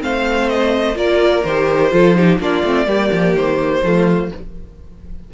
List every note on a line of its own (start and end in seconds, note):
0.00 0.96 A3
0.00 0.95 C4
0.00 0.98 C5
0.00 0.50 F5
0.50 0.98 D#5
0.95 1.44 A#3
0.95 1.43 F4
0.95 1.93 A#4
0.95 1.44 D5
1.44 1.93 D#3
1.44 1.92 G4
1.44 2.40 C5
1.92 2.40 F3
1.92 2.16 F4
1.92 2.17 A4
2.16 2.40 D#4
2.16 2.41 G4
2.40 2.63 A#3
2.40 2.64 D4
2.40 2.87 F4
2.40 3.37 D5
2.64 2.87 A3
2.64 2.88 C4
2.87 3.11 G3
2.87 3.83 A#3
2.87 3.83 G4
3.13 3.34 F3
3.34 3.82 D#3
3.34 4.32 C5
3.84 4.32 F3
3.84 4.32 A3
3.84 4.34 F4